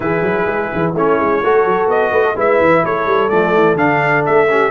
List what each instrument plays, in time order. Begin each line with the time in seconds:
0.00 tuba E3, trombone E4, horn G#4, trumpet B4
0.21 tuba F#3
0.46 tuba G#3
0.73 tuba E3
0.93 tuba A3, trombone C#4, horn E4, trumpet C#5
1.18 tuba G#3
1.42 tuba A3, trombone F#4, horn A4
1.65 tuba F#3
1.86 tuba B3, trumpet D#5
2.11 tuba A3, horn B4
2.24 horn A4
2.36 tuba G#3, trombone E4, horn B4, trumpet E5
2.59 tuba E3
2.84 tuba A3, horn A4, trumpet C#5
3.05 tuba G3
3.29 tuba F3, trombone A3, trumpet D5
3.55 tuba E3
3.75 tuba D3, trombone D4, trumpet F5
4.25 tuba A3, trumpet E5
4.49 trombone C#4, horn G4